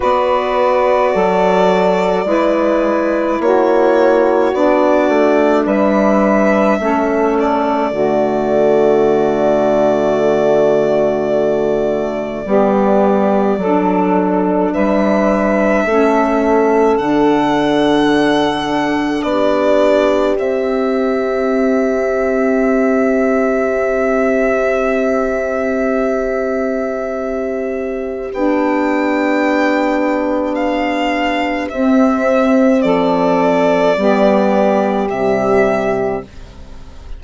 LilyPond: <<
  \new Staff \with { instrumentName = "violin" } { \time 4/4 \tempo 4 = 53 d''2. cis''4 | d''4 e''4. d''4.~ | d''1~ | d''4 e''2 fis''4~ |
fis''4 d''4 e''2~ | e''1~ | e''4 g''2 f''4 | e''4 d''2 e''4 | }
  \new Staff \with { instrumentName = "saxophone" } { \time 4/4 b'4 a'4 b'4 fis'4~ | fis'4 b'4 a'4 fis'4~ | fis'2. g'4 | a'4 b'4 a'2~ |
a'4 g'2.~ | g'1~ | g'1~ | g'4 a'4 g'2 | }
  \new Staff \with { instrumentName = "saxophone" } { \time 4/4 fis'2 e'2 | d'2 cis'4 a4~ | a2. b4 | d'2 cis'4 d'4~ |
d'2 c'2~ | c'1~ | c'4 d'2. | c'2 b4 g4 | }
  \new Staff \with { instrumentName = "bassoon" } { \time 4/4 b4 fis4 gis4 ais4 | b8 a8 g4 a4 d4~ | d2. g4 | fis4 g4 a4 d4~ |
d4 b4 c'2~ | c'1~ | c'4 b2. | c'4 f4 g4 c4 | }
>>